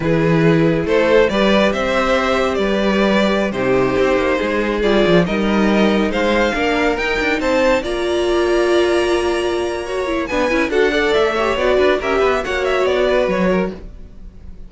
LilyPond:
<<
  \new Staff \with { instrumentName = "violin" } { \time 4/4 \tempo 4 = 140 b'2 c''4 d''4 | e''2 d''2~ | d''16 c''2. d''8.~ | d''16 dis''2 f''4.~ f''16~ |
f''16 g''4 a''4 ais''4.~ ais''16~ | ais''1 | gis''4 fis''4 e''4 d''4 | e''4 fis''8 e''8 d''4 cis''4 | }
  \new Staff \with { instrumentName = "violin" } { \time 4/4 gis'2 a'4 b'4 | c''2 b'2~ | b'16 g'2 gis'4.~ gis'16~ | gis'16 ais'2 c''4 ais'8.~ |
ais'4~ ais'16 c''4 d''4.~ d''16~ | d''2. cis''4 | b'4 a'8 d''4 cis''4 b'8 | ais'8 b'8 cis''4. b'4 ais'8 | }
  \new Staff \with { instrumentName = "viola" } { \time 4/4 e'2. g'4~ | g'1~ | g'16 dis'2. f'8.~ | f'16 dis'2. d'8.~ |
d'16 dis'2 f'4.~ f'16~ | f'2. fis'8 e'8 | d'8 e'8 fis'8 a'4 g'8 fis'4 | g'4 fis'2. | }
  \new Staff \with { instrumentName = "cello" } { \time 4/4 e2 a4 g4 | c'2 g2~ | g16 c4 c'8 ais8 gis4 g8 f16~ | f16 g2 gis4 ais8.~ |
ais16 dis'8 d'8 c'4 ais4.~ ais16~ | ais1 | b8 cis'8 d'4 a4 b8 d'8 | cis'8 b8 ais4 b4 fis4 | }
>>